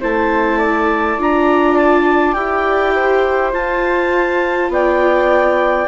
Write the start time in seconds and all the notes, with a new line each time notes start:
0.00 A3 E4 C5 A5
0.58 D5
1.18 D4 F4 A#5
1.76 A5
2.33 E4 G4 G5
2.95 C5
3.52 F4 A5
4.69 B3 D5 G5